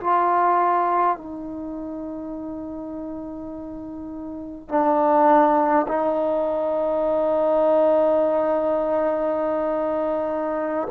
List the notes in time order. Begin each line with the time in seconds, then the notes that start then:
0.00 F4
1.17 D#4
4.68 D4
5.88 D#4